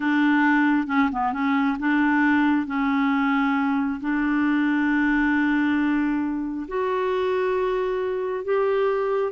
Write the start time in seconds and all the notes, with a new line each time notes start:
0.00 D4
0.87 C#4
1.12 B3
1.32 C#4
1.79 D4
2.66 C#4
4.00 D4
6.68 F#4
8.44 G4